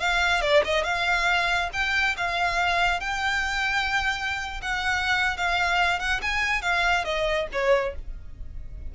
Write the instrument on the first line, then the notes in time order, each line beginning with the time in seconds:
violin
0.00 F5
0.42 D5
0.65 D#5
0.84 F5
1.73 G5
2.17 F5
3.01 G5
4.62 F#5
5.37 F5
6.00 F#5
6.22 G#5
6.62 F5
7.05 D#5
7.53 C#5